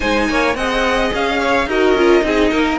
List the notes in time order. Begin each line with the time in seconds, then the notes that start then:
0.00 G#3 D#4 C5 G#5
0.29 A#3 C#5
0.54 C4 G#4 D#5 F#5
1.13 C#4 F5
1.40 C#5
1.66 D#4 F#4 A#4 D#5
1.94 C#4 F4
2.21 C4 D#4 G#4
2.51 A#3 A#4